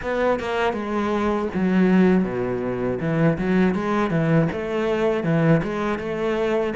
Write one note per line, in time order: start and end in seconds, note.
0.02 0.39 B3
0.39 0.73 A#3
0.73 1.48 G#3
1.54 2.24 F#3
2.24 2.99 B2
3.00 3.37 E3
3.38 3.75 F#3
3.75 4.10 G#3
4.10 4.48 E3
4.52 5.23 A3
5.23 5.61 E3
5.63 5.98 G#3
5.98 6.73 A3